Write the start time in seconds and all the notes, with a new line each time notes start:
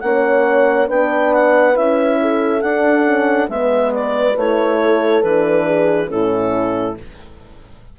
0.00 A#3 C#4 C#5 F#5
0.88 B3 D4 B4 G5
1.34 F#5
1.74 C#4 E4 E5
2.21 A4
2.62 D4 F#5
3.05 C#4
3.49 G#3 B3 B4 E5
3.94 D5
4.36 A3 E4 C#5
4.81 A4
5.23 E3 D4 B4
5.66 G#4
6.08 A2 C#4 E4 A4